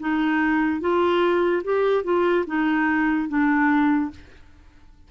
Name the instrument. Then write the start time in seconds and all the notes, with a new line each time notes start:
clarinet
0.00 D#4
0.81 F4
1.64 G4
2.04 F4
2.47 D#4
3.29 D4